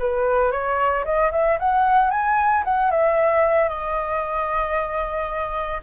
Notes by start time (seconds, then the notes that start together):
0.00 B4
0.52 C#5
1.05 D#5
1.32 E5
1.60 F#5
2.11 G#5
2.65 F#5
2.91 E5
3.70 D#5